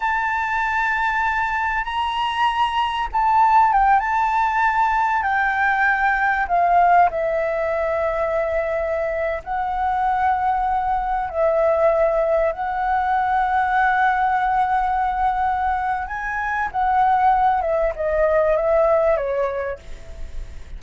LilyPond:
\new Staff \with { instrumentName = "flute" } { \time 4/4 \tempo 4 = 97 a''2. ais''4~ | ais''4 a''4 g''8 a''4.~ | a''8 g''2 f''4 e''8~ | e''2.~ e''16 fis''8.~ |
fis''2~ fis''16 e''4.~ e''16~ | e''16 fis''2.~ fis''8.~ | fis''2 gis''4 fis''4~ | fis''8 e''8 dis''4 e''4 cis''4 | }